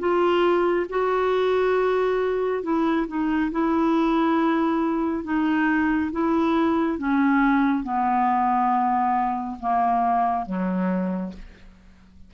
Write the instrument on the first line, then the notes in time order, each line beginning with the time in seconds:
clarinet
0.00 F4
0.90 F#4
2.63 E4
3.08 D#4
3.52 E4
5.24 D#4
6.12 E4
6.98 C#4
7.84 B3
9.60 A#3
10.46 F#3